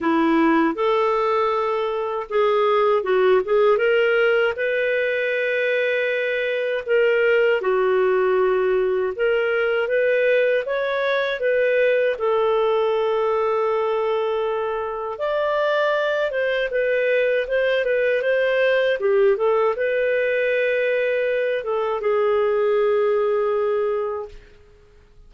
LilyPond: \new Staff \with { instrumentName = "clarinet" } { \time 4/4 \tempo 4 = 79 e'4 a'2 gis'4 | fis'8 gis'8 ais'4 b'2~ | b'4 ais'4 fis'2 | ais'4 b'4 cis''4 b'4 |
a'1 | d''4. c''8 b'4 c''8 b'8 | c''4 g'8 a'8 b'2~ | b'8 a'8 gis'2. | }